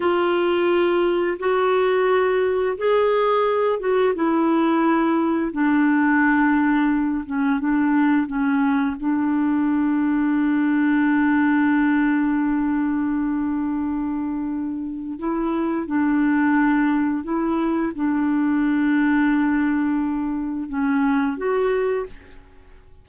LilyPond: \new Staff \with { instrumentName = "clarinet" } { \time 4/4 \tempo 4 = 87 f'2 fis'2 | gis'4. fis'8 e'2 | d'2~ d'8 cis'8 d'4 | cis'4 d'2.~ |
d'1~ | d'2 e'4 d'4~ | d'4 e'4 d'2~ | d'2 cis'4 fis'4 | }